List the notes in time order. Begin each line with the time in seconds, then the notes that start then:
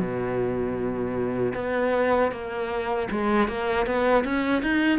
0.00 B2
1.55 B3
2.32 A#3
3.11 G#3
3.48 A#3
3.87 B3
4.25 C#4
4.63 D#4